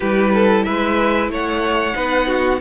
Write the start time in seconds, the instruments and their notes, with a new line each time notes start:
0.00 cello G3, viola E4, violin G4 B4
0.34 violin A4
0.63 cello G#3, violin B4 E5
1.29 cello A3, violin C#5 F#5
1.93 cello B3, viola D#4, violin B4
2.27 violin F#4